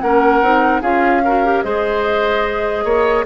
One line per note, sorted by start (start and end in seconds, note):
0.00 0.42 A#3
0.00 0.43 C#4
0.00 0.82 A#4
0.00 0.81 F#5
0.42 0.82 C4
0.42 0.82 D#4
0.82 1.63 C#4
0.82 1.23 F4
0.82 1.22 G#4
0.82 1.63 F5
1.25 1.45 F#4
1.25 1.65 A#4
1.45 1.64 G4
1.63 2.84 G#3
1.63 3.26 G#4
1.63 2.84 C5
1.63 3.25 D#5
2.84 3.25 A#3
2.84 3.25 C#5